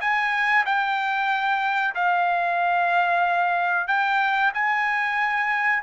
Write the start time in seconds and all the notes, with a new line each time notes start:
0.00 G#5
0.65 G5
1.95 F5
3.87 G5
4.54 G#5